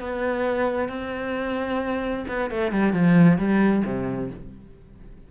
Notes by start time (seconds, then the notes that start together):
0.00 B3
0.89 C4
2.28 B3
2.50 A3
2.71 G3
2.93 F3
3.38 G3
3.85 C3